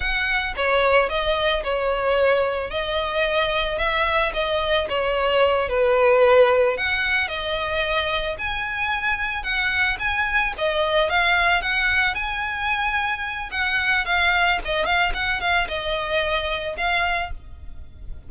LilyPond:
\new Staff \with { instrumentName = "violin" } { \time 4/4 \tempo 4 = 111 fis''4 cis''4 dis''4 cis''4~ | cis''4 dis''2 e''4 | dis''4 cis''4. b'4.~ | b'8 fis''4 dis''2 gis''8~ |
gis''4. fis''4 gis''4 dis''8~ | dis''8 f''4 fis''4 gis''4.~ | gis''4 fis''4 f''4 dis''8 f''8 | fis''8 f''8 dis''2 f''4 | }